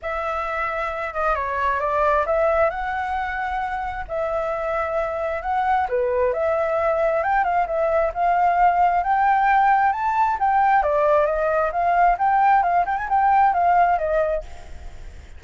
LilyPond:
\new Staff \with { instrumentName = "flute" } { \time 4/4 \tempo 4 = 133 e''2~ e''8 dis''8 cis''4 | d''4 e''4 fis''2~ | fis''4 e''2. | fis''4 b'4 e''2 |
g''8 f''8 e''4 f''2 | g''2 a''4 g''4 | d''4 dis''4 f''4 g''4 | f''8 g''16 gis''16 g''4 f''4 dis''4 | }